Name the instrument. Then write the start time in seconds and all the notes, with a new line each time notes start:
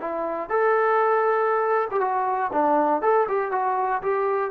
trombone
0.00 E4
0.49 A4
1.91 G4
2.01 F#4
2.52 D4
3.02 A4
3.28 G4
3.51 F#4
4.02 G4